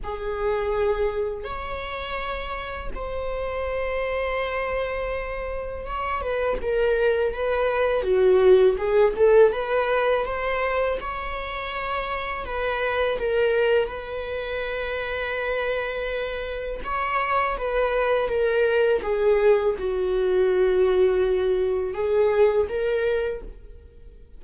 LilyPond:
\new Staff \with { instrumentName = "viola" } { \time 4/4 \tempo 4 = 82 gis'2 cis''2 | c''1 | cis''8 b'8 ais'4 b'4 fis'4 | gis'8 a'8 b'4 c''4 cis''4~ |
cis''4 b'4 ais'4 b'4~ | b'2. cis''4 | b'4 ais'4 gis'4 fis'4~ | fis'2 gis'4 ais'4 | }